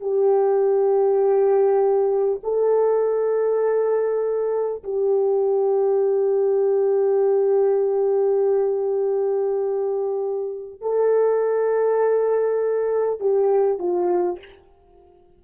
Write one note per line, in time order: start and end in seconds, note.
0.00 2.40 G4
2.43 4.83 A4
4.83 10.81 G4
10.81 13.19 A4
13.19 13.78 G4
13.78 14.38 F4